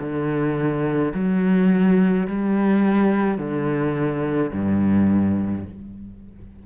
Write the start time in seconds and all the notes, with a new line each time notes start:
0.00 D3
1.15 F#3
2.28 G3
3.39 D3
4.53 G2